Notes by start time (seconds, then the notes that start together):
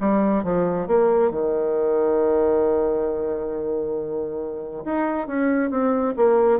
0.00 G3
0.43 F3
0.87 A#3
1.31 D#3
4.85 D#4
5.27 C#4
5.70 C4
6.16 A#3